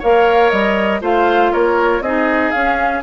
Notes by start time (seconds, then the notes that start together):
0.00 A#3 A#4 C#5 F5
0.51 G3 D#5
1.02 A3 F4 C5 F5
1.53 A#3 A#4 C#5
2.01 C4 D#4 G#4 D#5
2.52 C#4 F5